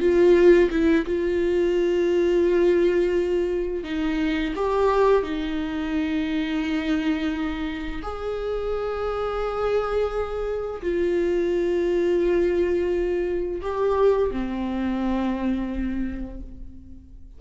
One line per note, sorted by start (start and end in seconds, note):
0.00 0.70 F4
0.71 1.06 E4
1.06 3.84 F4
3.84 4.53 D#4
4.56 5.23 G4
5.23 8.02 D#4
8.03 10.82 G#4
10.82 13.61 F4
13.62 14.31 G4
14.31 16.40 C4